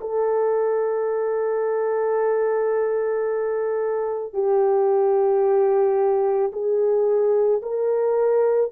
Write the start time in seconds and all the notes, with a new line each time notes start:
0.00 A4
4.33 G4
6.52 G#4
7.62 A#4